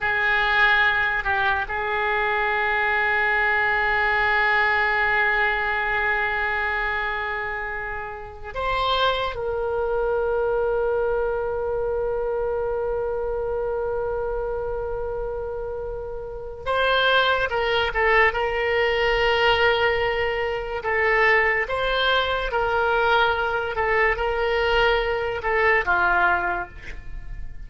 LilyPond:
\new Staff \with { instrumentName = "oboe" } { \time 4/4 \tempo 4 = 72 gis'4. g'8 gis'2~ | gis'1~ | gis'2~ gis'16 c''4 ais'8.~ | ais'1~ |
ais'1 | c''4 ais'8 a'8 ais'2~ | ais'4 a'4 c''4 ais'4~ | ais'8 a'8 ais'4. a'8 f'4 | }